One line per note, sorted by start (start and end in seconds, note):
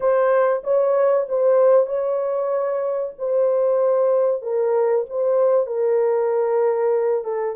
0.00 0.62 C5
0.63 1.26 C#5
1.28 1.86 C5
1.86 3.13 C#5
3.18 4.42 C5
4.42 5.05 A#4
5.09 5.66 C5
5.66 7.24 A#4
7.24 7.55 A4